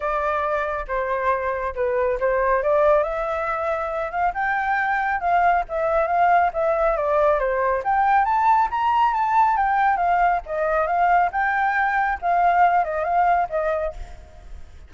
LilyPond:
\new Staff \with { instrumentName = "flute" } { \time 4/4 \tempo 4 = 138 d''2 c''2 | b'4 c''4 d''4 e''4~ | e''4. f''8 g''2 | f''4 e''4 f''4 e''4 |
d''4 c''4 g''4 a''4 | ais''4 a''4 g''4 f''4 | dis''4 f''4 g''2 | f''4. dis''8 f''4 dis''4 | }